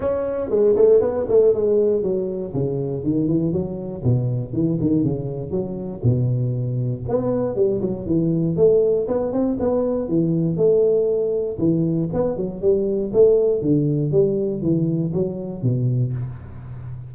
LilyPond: \new Staff \with { instrumentName = "tuba" } { \time 4/4 \tempo 4 = 119 cis'4 gis8 a8 b8 a8 gis4 | fis4 cis4 dis8 e8 fis4 | b,4 e8 dis8 cis4 fis4 | b,2 b4 g8 fis8 |
e4 a4 b8 c'8 b4 | e4 a2 e4 | b8 fis8 g4 a4 d4 | g4 e4 fis4 b,4 | }